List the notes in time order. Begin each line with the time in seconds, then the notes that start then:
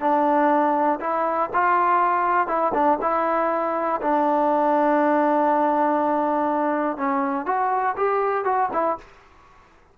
0.00 D4
1.00 E4
1.53 F4
2.47 E4
2.74 D4
3.01 E4
4.01 D4
6.97 C#4
7.46 F#4
7.96 G4
8.44 F#4
8.73 E4